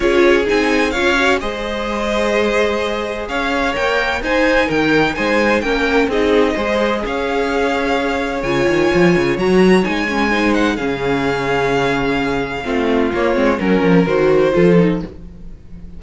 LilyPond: <<
  \new Staff \with { instrumentName = "violin" } { \time 4/4 \tempo 4 = 128 cis''4 gis''4 f''4 dis''4~ | dis''2. f''4 | g''4 gis''4 g''4 gis''4 | g''4 dis''2 f''4~ |
f''2 gis''2 | ais''4 gis''4. fis''8 f''4~ | f''1 | cis''4 ais'4 c''2 | }
  \new Staff \with { instrumentName = "violin" } { \time 4/4 gis'2 cis''4 c''4~ | c''2. cis''4~ | cis''4 c''4 ais'4 c''4 | ais'4 gis'4 c''4 cis''4~ |
cis''1~ | cis''2 c''4 gis'4~ | gis'2. f'4~ | f'4 ais'2 a'4 | }
  \new Staff \with { instrumentName = "viola" } { \time 4/4 f'4 dis'4 f'8 fis'8 gis'4~ | gis'1 | ais'4 dis'2. | cis'4 dis'4 gis'2~ |
gis'2 f'2 | fis'4 dis'8 cis'8 dis'4 cis'4~ | cis'2. c'4 | ais8 c'8 cis'4 fis'4 f'8 dis'8 | }
  \new Staff \with { instrumentName = "cello" } { \time 4/4 cis'4 c'4 cis'4 gis4~ | gis2. cis'4 | ais4 dis'4 dis4 gis4 | ais4 c'4 gis4 cis'4~ |
cis'2 cis8 dis8 f8 cis8 | fis4 gis2 cis4~ | cis2. a4 | ais8 gis8 fis8 f8 dis4 f4 | }
>>